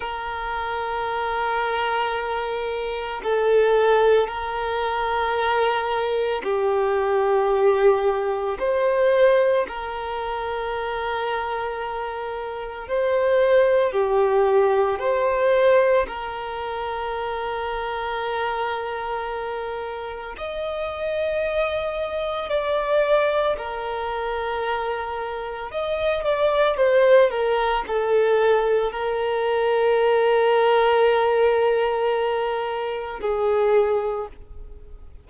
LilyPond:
\new Staff \with { instrumentName = "violin" } { \time 4/4 \tempo 4 = 56 ais'2. a'4 | ais'2 g'2 | c''4 ais'2. | c''4 g'4 c''4 ais'4~ |
ais'2. dis''4~ | dis''4 d''4 ais'2 | dis''8 d''8 c''8 ais'8 a'4 ais'4~ | ais'2. gis'4 | }